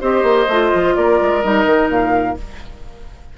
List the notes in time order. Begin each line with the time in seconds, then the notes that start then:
0.00 C4 G4 C5 D#5
0.22 A#3
0.48 A3 F4
0.74 F3
0.95 A#3 A#4 D5
1.21 G#3
1.42 G3 D#4 D#5
1.65 D#3
1.88 A#2 F5